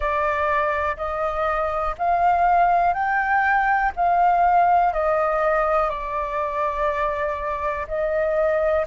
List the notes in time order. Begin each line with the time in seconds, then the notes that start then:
0.00 D5
0.97 D#5
1.98 F5
2.93 G5
3.96 F5
4.93 D#5
5.89 D5
7.87 D#5